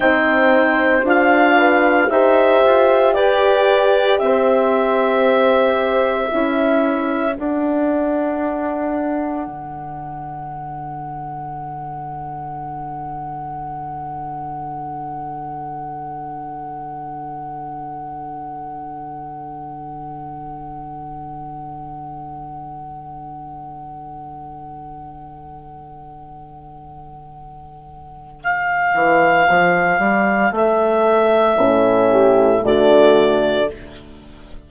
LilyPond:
<<
  \new Staff \with { instrumentName = "clarinet" } { \time 4/4 \tempo 4 = 57 g''4 f''4 e''4 d''4 | e''2. fis''4~ | fis''1~ | fis''1~ |
fis''1~ | fis''1~ | fis''2. f''4~ | f''4 e''2 d''4 | }
  \new Staff \with { instrumentName = "horn" } { \time 4/4 c''4. b'8 c''4 b'4 | c''2 a'2~ | a'1~ | a'1~ |
a'1~ | a'1~ | a'1~ | a'2~ a'8 g'8 fis'4 | }
  \new Staff \with { instrumentName = "horn" } { \time 4/4 dis'4 f'4 g'2~ | g'2 e'4 d'4~ | d'1~ | d'1~ |
d'1~ | d'1~ | d'1~ | d'2 cis'4 a4 | }
  \new Staff \with { instrumentName = "bassoon" } { \time 4/4 c'4 d'4 dis'8 f'8 g'4 | c'2 cis'4 d'4~ | d'4 d2.~ | d1~ |
d1~ | d1~ | d2.~ d8 e8 | f8 g8 a4 a,4 d4 | }
>>